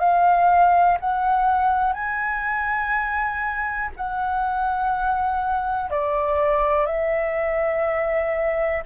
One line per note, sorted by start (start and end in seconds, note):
0.00 0.98 F5
1.01 1.94 F#5
1.94 3.90 G#5
3.97 5.91 F#5
5.91 6.86 D5
6.86 8.83 E5